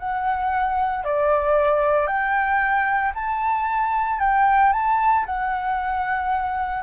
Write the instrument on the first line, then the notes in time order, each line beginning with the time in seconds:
flute
0.00 F#5
1.05 D5
2.08 G5
3.15 A5
4.20 G5
4.73 A5
5.26 F#5